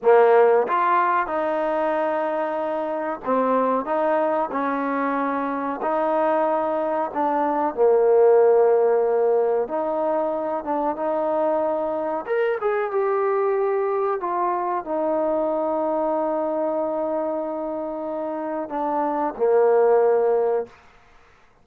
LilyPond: \new Staff \with { instrumentName = "trombone" } { \time 4/4 \tempo 4 = 93 ais4 f'4 dis'2~ | dis'4 c'4 dis'4 cis'4~ | cis'4 dis'2 d'4 | ais2. dis'4~ |
dis'8 d'8 dis'2 ais'8 gis'8 | g'2 f'4 dis'4~ | dis'1~ | dis'4 d'4 ais2 | }